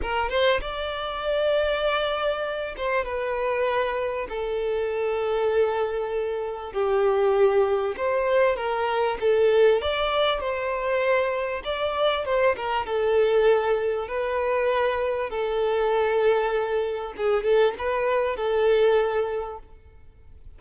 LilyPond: \new Staff \with { instrumentName = "violin" } { \time 4/4 \tempo 4 = 98 ais'8 c''8 d''2.~ | d''8 c''8 b'2 a'4~ | a'2. g'4~ | g'4 c''4 ais'4 a'4 |
d''4 c''2 d''4 | c''8 ais'8 a'2 b'4~ | b'4 a'2. | gis'8 a'8 b'4 a'2 | }